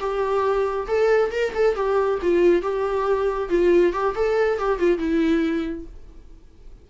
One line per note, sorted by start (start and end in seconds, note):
0.00 0.87 G4
0.88 1.31 A4
1.31 1.53 A#4
1.54 1.75 A4
1.75 2.19 G4
2.22 2.62 F4
2.62 3.49 G4
3.49 3.93 F4
3.93 4.15 G4
4.15 4.58 A4
4.58 4.79 G4
4.79 4.98 F4
4.98 5.85 E4